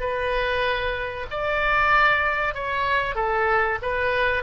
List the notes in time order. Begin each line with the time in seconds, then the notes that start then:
0.00 B4
1.30 D5
2.54 C#5
3.15 A4
3.82 B4